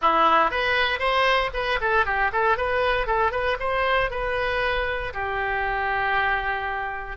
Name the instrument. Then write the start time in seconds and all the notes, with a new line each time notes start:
oboe
0.01 E4
0.51 B4
0.99 C5
1.53 B4
1.80 A4
2.05 G4
2.32 A4
2.57 B4
3.06 A4
3.31 B4
3.59 C5
4.10 B4
5.13 G4